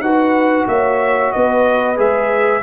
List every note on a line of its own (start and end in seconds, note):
0.00 0.65 D#4
0.00 1.96 F#4
0.00 0.68 B4
0.00 0.67 F#5
0.67 1.32 A#3
0.67 1.35 C#5
0.67 1.32 E5
1.32 1.98 B3
1.32 2.63 B4
1.32 1.98 D#5
1.96 2.63 G#3
1.96 2.61 G#4
1.96 2.63 E5